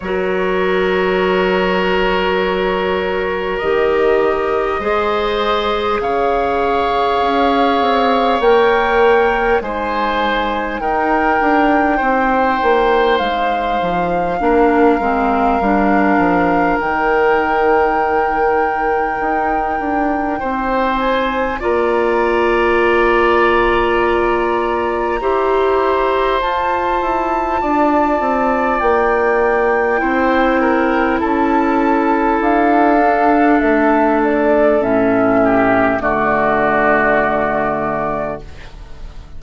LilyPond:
<<
  \new Staff \with { instrumentName = "flute" } { \time 4/4 \tempo 4 = 50 cis''2. dis''4~ | dis''4 f''2 g''4 | gis''4 g''2 f''4~ | f''2 g''2~ |
g''4. gis''8 ais''2~ | ais''2 a''2 | g''2 a''4 f''4 | e''8 d''8 e''4 d''2 | }
  \new Staff \with { instrumentName = "oboe" } { \time 4/4 ais'1 | c''4 cis''2. | c''4 ais'4 c''2 | ais'1~ |
ais'4 c''4 d''2~ | d''4 c''2 d''4~ | d''4 c''8 ais'8 a'2~ | a'4. g'8 fis'2 | }
  \new Staff \with { instrumentName = "clarinet" } { \time 4/4 fis'2. g'4 | gis'2. ais'4 | dis'1 | d'8 c'8 d'4 dis'2~ |
dis'2 f'2~ | f'4 g'4 f'2~ | f'4 e'2~ e'8 d'8~ | d'4 cis'4 a2 | }
  \new Staff \with { instrumentName = "bassoon" } { \time 4/4 fis2. dis4 | gis4 cis4 cis'8 c'8 ais4 | gis4 dis'8 d'8 c'8 ais8 gis8 f8 | ais8 gis8 g8 f8 dis2 |
dis'8 d'8 c'4 ais2~ | ais4 e'4 f'8 e'8 d'8 c'8 | ais4 c'4 cis'4 d'4 | a4 a,4 d2 | }
>>